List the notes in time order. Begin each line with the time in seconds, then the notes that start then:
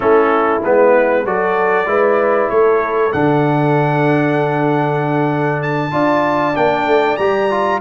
0.00 A3 C#4 E4 A4
0.64 G#3 B3 B4
1.25 F#3 F#4 A4 D5
1.85 G#3 E4 B4
2.49 A3 A4 C#5
3.12 D3 D4 F#5
5.62 A5
5.91 D4 F4 D5
6.55 A#3 D4 G5
6.85 A3
7.16 G3 G4 A#5
7.50 F4